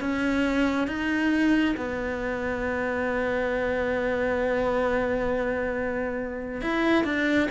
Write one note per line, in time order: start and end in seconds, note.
0.00 0.87 C#4
0.87 1.76 D#4
1.77 6.61 B3
6.61 7.04 E4
7.04 7.48 D4